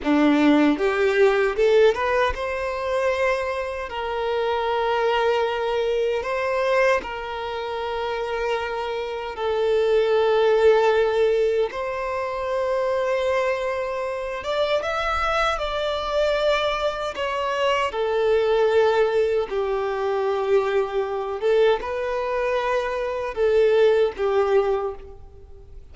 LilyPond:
\new Staff \with { instrumentName = "violin" } { \time 4/4 \tempo 4 = 77 d'4 g'4 a'8 b'8 c''4~ | c''4 ais'2. | c''4 ais'2. | a'2. c''4~ |
c''2~ c''8 d''8 e''4 | d''2 cis''4 a'4~ | a'4 g'2~ g'8 a'8 | b'2 a'4 g'4 | }